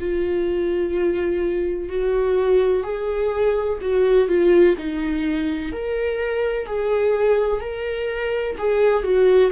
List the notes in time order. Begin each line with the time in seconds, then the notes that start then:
0.00 F4
1.90 F#4
2.84 G#4
3.82 F#4
4.29 F4
4.78 D#4
5.72 A#4
6.67 G#4
7.61 A#4
8.59 G#4
9.04 F#4